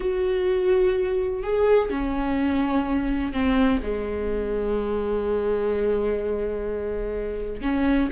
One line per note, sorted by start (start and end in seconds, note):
0.00 1.43 F#4
1.43 1.90 G#4
1.90 3.32 C#4
3.32 3.80 C4
3.82 7.61 G#3
7.61 8.09 C#4